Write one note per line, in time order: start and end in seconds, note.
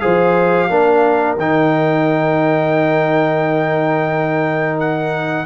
0.00 0.69 F3
0.00 0.69 G#4
0.00 0.70 C5
0.00 1.36 F5
0.69 1.37 A#3
0.69 1.38 D4
0.69 5.46 A#4
1.37 5.46 D#3
1.37 5.46 D#4
1.37 4.80 G5
4.80 5.46 F#5